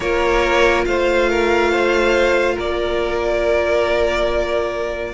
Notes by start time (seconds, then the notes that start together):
0.00 A#3 F4 A#4 C#5
0.85 A3 C5 F5
1.29 A#4
1.71 C5
2.54 A#3 A#4 D5